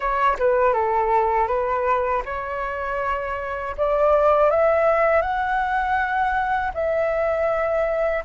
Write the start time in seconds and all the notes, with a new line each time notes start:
0.00 C#5
0.39 B4
0.73 A4
1.47 B4
2.25 C#5
3.77 D5
4.50 E5
5.21 F#5
6.74 E5